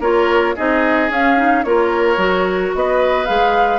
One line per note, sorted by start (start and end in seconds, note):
0.00 0.55 A#3
0.00 0.56 F4
0.00 0.55 A#4
0.00 0.57 C#5
0.56 1.10 C4
0.56 1.11 D#4
0.56 1.65 G#4
0.56 1.11 D#5
1.10 1.64 C#4
1.10 1.37 C#4
1.10 1.64 F5
1.37 1.64 D#4
1.64 2.17 A#3
1.64 2.18 F4
1.64 2.76 A#4
1.64 2.73 C#5
2.17 2.72 F#3
2.17 3.27 F#4
2.75 3.29 B3
2.75 3.79 B4
2.75 3.26 D#5
3.26 3.79 G#3
3.26 3.79 G#4
3.26 3.79 F5